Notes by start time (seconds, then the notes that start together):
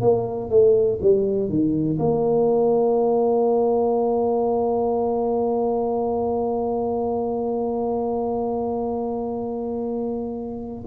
0.00 A#3
0.50 A3
1.01 G3
1.48 D#3
1.99 A#3